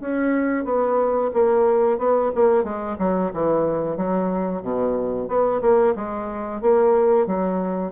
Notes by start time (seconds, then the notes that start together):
0.00 C#4
0.64 B3
1.33 A#3
1.98 B3
2.35 A#3
2.63 G#3
2.98 F#3
3.33 E3
3.96 F#3
4.62 B2
5.28 B3
5.61 A#3
5.95 G#3
6.61 A#3
7.26 F#3